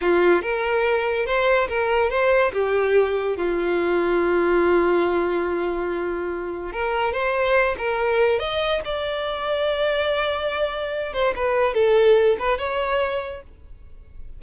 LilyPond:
\new Staff \with { instrumentName = "violin" } { \time 4/4 \tempo 4 = 143 f'4 ais'2 c''4 | ais'4 c''4 g'2 | f'1~ | f'1 |
ais'4 c''4. ais'4. | dis''4 d''2.~ | d''2~ d''8 c''8 b'4 | a'4. b'8 cis''2 | }